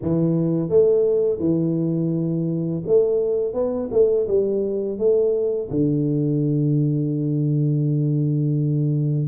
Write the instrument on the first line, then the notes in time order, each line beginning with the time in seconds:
tuba
0.02 E3
0.69 A3
1.39 E3
2.86 A3
3.53 B3
3.91 A3
4.27 G3
4.98 A3
5.70 D3